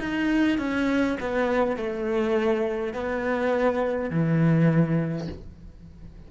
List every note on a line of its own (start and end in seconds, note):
0.00 0.59 D#4
0.59 1.18 C#4
1.21 1.77 B3
1.77 2.94 A3
2.94 4.10 B3
4.10 5.28 E3